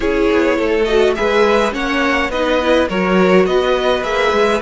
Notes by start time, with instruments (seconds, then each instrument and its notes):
0.00 cello C#4, viola E4, violin G#4 C#5
0.31 cello B3
0.57 cello A3, violin A4
0.84 viola F#4, violin D#5
1.15 cello G#3, viola G#4, violin B4 E5
1.71 cello A#3, viola C#4, violin C#5 F#5
2.29 cello B3, viola D#4, violin B4 D#5
2.61 viola E4
2.88 cello F#3, viola F#4, violin A#4 C#5
3.45 cello B3, violin B4 D#5
4.03 cello A#3, viola G#4, violin E5
4.31 cello G#3